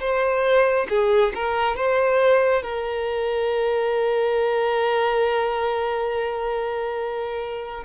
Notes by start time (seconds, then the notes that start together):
0.00 C5
0.89 G#4
1.34 A#4
1.76 C5
2.62 A#4